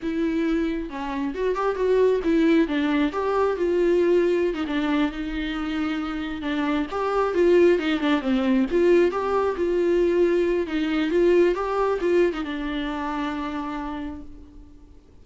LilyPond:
\new Staff \with { instrumentName = "viola" } { \time 4/4 \tempo 4 = 135 e'2 cis'4 fis'8 g'8 | fis'4 e'4 d'4 g'4 | f'2~ f'16 dis'16 d'4 dis'8~ | dis'2~ dis'8 d'4 g'8~ |
g'8 f'4 dis'8 d'8 c'4 f'8~ | f'8 g'4 f'2~ f'8 | dis'4 f'4 g'4 f'8. dis'16 | d'1 | }